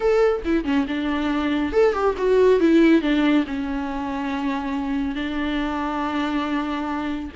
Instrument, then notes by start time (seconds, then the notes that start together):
viola
0.00 A4
0.44 E4
0.64 C#4
0.87 D4
1.72 A4
1.93 G4
2.17 F#4
2.60 E4
3.01 D4
3.46 C#4
5.15 D4